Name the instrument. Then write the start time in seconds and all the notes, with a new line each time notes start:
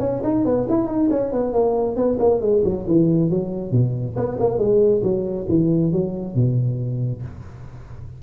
tuba
0.00 C#4
0.23 D#4
0.45 B3
0.69 E4
0.87 D#4
1.11 C#4
1.32 B3
1.53 A#3
1.96 B3
2.19 A#3
2.41 G#3
2.64 F#3
2.87 E3
3.30 F#3
3.72 B2
4.16 B3
4.40 A#3
4.58 G#3
5.03 F#3
5.49 E3
5.93 F#3
6.35 B2